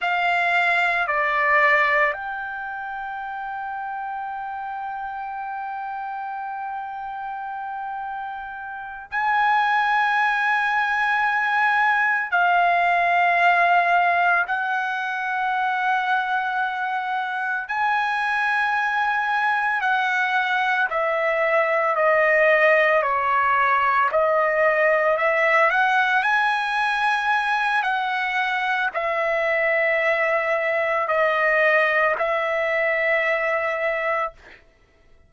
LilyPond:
\new Staff \with { instrumentName = "trumpet" } { \time 4/4 \tempo 4 = 56 f''4 d''4 g''2~ | g''1~ | g''8 gis''2. f''8~ | f''4. fis''2~ fis''8~ |
fis''8 gis''2 fis''4 e''8~ | e''8 dis''4 cis''4 dis''4 e''8 | fis''8 gis''4. fis''4 e''4~ | e''4 dis''4 e''2 | }